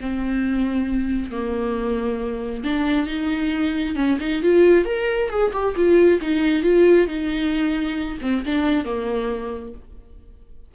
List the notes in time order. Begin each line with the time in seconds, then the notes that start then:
0.00 C4
1.31 A#3
2.64 D4
3.07 D#4
3.95 C#4
4.20 D#4
4.42 F4
4.85 A#4
5.29 G#4
5.53 G4
5.76 F4
6.21 D#4
6.63 F4
7.07 D#4
8.21 C4
8.45 D4
8.84 A#3